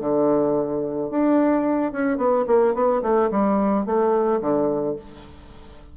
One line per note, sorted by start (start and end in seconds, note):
0.00 1.10 D3
1.10 1.92 D4
1.92 2.18 C#4
2.18 2.45 B3
2.47 2.74 A#3
2.74 3.02 B3
3.02 3.30 A3
3.31 3.86 G3
3.86 4.41 A3
4.41 4.96 D3